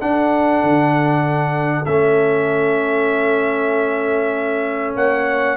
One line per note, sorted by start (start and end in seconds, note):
0.00 1.86 D4
0.00 0.63 D4
0.00 4.95 A4
0.00 1.85 F#5
0.63 1.86 D3
1.85 4.96 A3
1.85 5.57 C#4
1.85 4.95 E5
4.95 5.57 A#3
4.95 5.57 C#5
4.95 5.57 F#5